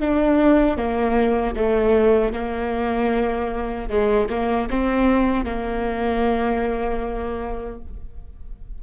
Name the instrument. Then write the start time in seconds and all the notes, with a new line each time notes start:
viola
0.00 D4
0.78 A#3
1.56 A3
2.33 A#3
3.90 G#3
4.30 A#3
4.71 C4
5.45 A#3